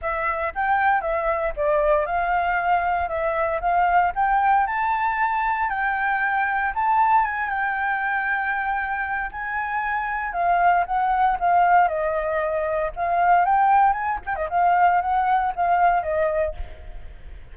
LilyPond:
\new Staff \with { instrumentName = "flute" } { \time 4/4 \tempo 4 = 116 e''4 g''4 e''4 d''4 | f''2 e''4 f''4 | g''4 a''2 g''4~ | g''4 a''4 gis''8 g''4.~ |
g''2 gis''2 | f''4 fis''4 f''4 dis''4~ | dis''4 f''4 g''4 gis''8 g''16 dis''16 | f''4 fis''4 f''4 dis''4 | }